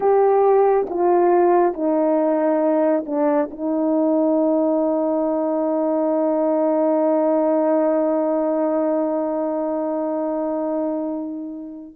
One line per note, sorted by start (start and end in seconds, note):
0.00 0.87 G4
0.89 1.74 F4
1.74 3.04 D#4
3.06 3.49 D4
3.51 11.96 D#4